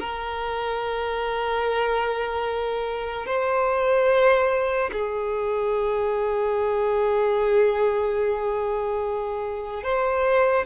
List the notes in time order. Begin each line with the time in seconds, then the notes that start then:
0.00 A#4
3.26 C5
4.93 G#4
9.84 C5